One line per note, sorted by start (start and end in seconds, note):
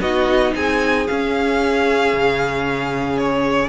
0.00 0.53 B3
0.00 1.07 D#4
0.00 0.53 F#4
0.00 0.53 D#5
0.55 1.07 C4
0.55 3.69 G#4
0.55 1.07 G#5
1.07 3.69 C#4
1.07 2.12 C#4
1.07 3.17 F5
2.12 3.69 C#3
3.18 3.69 C#5